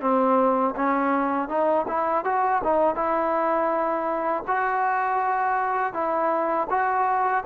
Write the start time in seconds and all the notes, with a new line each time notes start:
0.00 C4
0.75 C#4
1.48 D#4
1.88 E4
2.24 F#4
2.63 D#4
2.95 E4
4.47 F#4
5.93 E4
6.69 F#4